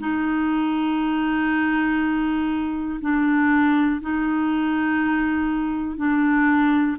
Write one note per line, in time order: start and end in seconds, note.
0.00 3.00 D#4
3.01 4.01 D4
4.01 5.97 D#4
5.97 6.97 D4